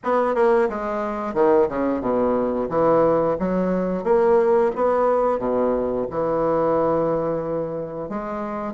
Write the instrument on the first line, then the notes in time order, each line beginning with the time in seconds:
bassoon
0.03 B3
0.34 A#3
0.69 G#3
1.34 D#3
1.69 C#3
2.00 B2
2.69 E3
3.39 F#3
4.03 A#3
4.75 B3
5.38 B2
6.10 E3
8.09 G#3